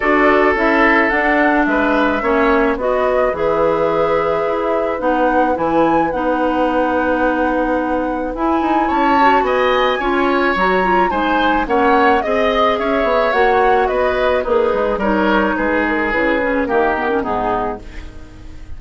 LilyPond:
<<
  \new Staff \with { instrumentName = "flute" } { \time 4/4 \tempo 4 = 108 d''4 e''4 fis''4 e''4~ | e''4 dis''4 e''2~ | e''4 fis''4 gis''4 fis''4~ | fis''2. gis''4 |
a''4 gis''2 ais''4 | gis''4 fis''4 dis''4 e''4 | fis''4 dis''4 b'4 cis''4 | b'8 ais'8 b'4 ais'4 gis'4 | }
  \new Staff \with { instrumentName = "oboe" } { \time 4/4 a'2. b'4 | cis''4 b'2.~ | b'1~ | b'1 |
cis''4 dis''4 cis''2 | c''4 cis''4 dis''4 cis''4~ | cis''4 b'4 dis'4 ais'4 | gis'2 g'4 dis'4 | }
  \new Staff \with { instrumentName = "clarinet" } { \time 4/4 fis'4 e'4 d'2 | cis'4 fis'4 gis'2~ | gis'4 dis'4 e'4 dis'4~ | dis'2. e'4~ |
e'8 fis'4. f'4 fis'8 f'8 | dis'4 cis'4 gis'2 | fis'2 gis'4 dis'4~ | dis'4 e'8 cis'8 ais8 b16 cis'16 b4 | }
  \new Staff \with { instrumentName = "bassoon" } { \time 4/4 d'4 cis'4 d'4 gis4 | ais4 b4 e2 | e'4 b4 e4 b4~ | b2. e'8 dis'8 |
cis'4 b4 cis'4 fis4 | gis4 ais4 c'4 cis'8 b8 | ais4 b4 ais8 gis8 g4 | gis4 cis4 dis4 gis,4 | }
>>